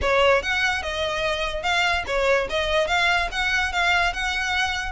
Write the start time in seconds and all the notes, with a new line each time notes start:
0.01 C#5
0.42 F#5
0.82 D#5
1.63 F5
2.07 C#5
2.49 D#5
2.87 F5
3.31 F#5
3.72 F5
4.13 F#5